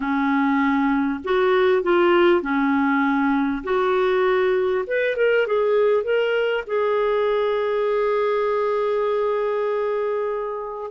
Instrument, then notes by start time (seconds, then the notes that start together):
clarinet
0.00 C#4
1.24 F#4
1.83 F4
2.41 C#4
3.63 F#4
4.86 B4
5.16 A#4
5.46 G#4
6.03 A#4
6.66 G#4